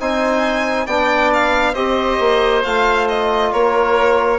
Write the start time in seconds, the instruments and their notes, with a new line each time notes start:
0.00 bassoon C4, trombone D#4, oboe C5, violin G#5
0.86 bassoon B3, trombone D4, oboe D5, violin G5
1.34 violin F5
1.73 bassoon C4, trombone G4, oboe C5, violin D#5
2.19 bassoon A#3
2.64 bassoon A3, trombone F4, violin F5
3.08 violin D#5
3.53 bassoon A#3, oboe A#4, violin C#5